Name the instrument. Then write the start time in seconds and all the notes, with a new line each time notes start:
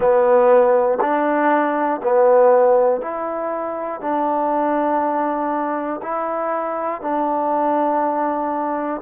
trombone
0.00 B3
1.00 D4
2.02 B3
3.01 E4
4.00 D4
6.02 E4
7.01 D4